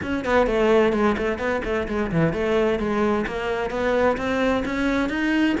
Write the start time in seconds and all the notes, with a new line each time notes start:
0.02 C#4
0.25 B3
0.46 A3
0.92 G#3
1.17 A3
1.38 B3
1.64 A3
1.88 G#3
2.11 E3
2.33 A3
2.79 G#3
3.26 A#3
3.70 B3
4.17 C4
4.65 C#4
5.09 D#4